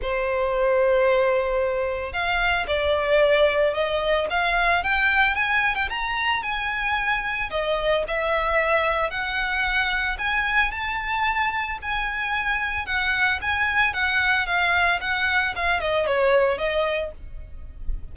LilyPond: \new Staff \with { instrumentName = "violin" } { \time 4/4 \tempo 4 = 112 c''1 | f''4 d''2 dis''4 | f''4 g''4 gis''8. g''16 ais''4 | gis''2 dis''4 e''4~ |
e''4 fis''2 gis''4 | a''2 gis''2 | fis''4 gis''4 fis''4 f''4 | fis''4 f''8 dis''8 cis''4 dis''4 | }